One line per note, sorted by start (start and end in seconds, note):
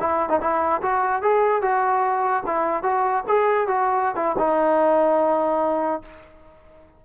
0.00 0.29 E4
0.29 0.40 D#4
0.41 0.81 E4
0.82 1.22 F#4
1.22 1.62 G#4
1.62 2.43 F#4
2.46 2.83 E4
2.83 3.24 F#4
3.28 3.68 G#4
3.68 4.16 F#4
4.16 4.36 E4
4.38 6.02 D#4